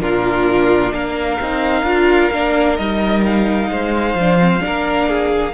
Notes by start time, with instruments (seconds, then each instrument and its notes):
0.00 cello A#2, viola D4, violin F4 A#4
0.92 cello A#3, violin A#4 F5
1.40 cello C4, viola D#4
1.83 cello D4, viola F4
2.32 cello A#3, viola D4
2.76 cello G3, viola D#4, violin D#5
3.26 violin F5
3.70 cello G#3, violin C5
4.14 cello F3, viola D4
4.38 viola C4
4.60 cello A#3, viola D4, violin A#4
5.08 violin G#4